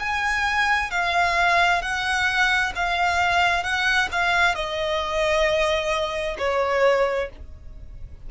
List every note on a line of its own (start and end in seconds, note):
0.00 0.91 G#5
0.91 1.82 F5
1.82 2.73 F#5
2.76 3.64 F5
3.64 4.09 F#5
4.12 4.55 F5
4.55 6.37 D#5
6.39 7.30 C#5